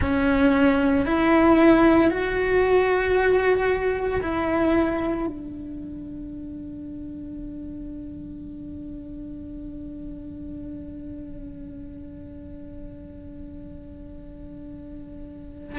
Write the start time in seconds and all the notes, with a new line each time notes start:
0.00 C#4
1.05 E4
2.10 F#4
4.21 E4
5.26 D4